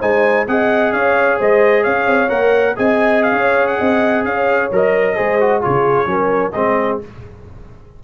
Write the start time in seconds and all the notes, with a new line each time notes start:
0.00 G#3 D#4 C5 G#5
0.48 C4 G#4 D#5 F#5
0.93 C#4 C#5 F5
1.39 G#3 C5 D#5
1.83 C#4 C#5 F5
2.07 C4
2.29 A#3 A#4 F#5
2.76 C4 G#4 D#5 G#5
3.23 F5
3.33 C#4 C#5
3.67 F#5
3.79 C4 D#5
4.25 C#4 C#5 F5
4.72 F#3 A#4 D#5
5.16 G#3 G#4 C5
5.41 F#4
5.61 C#3 F4 G#4 C#5
6.06 F#3 C#4 A#4
6.52 G#3 C4 G#4 D#5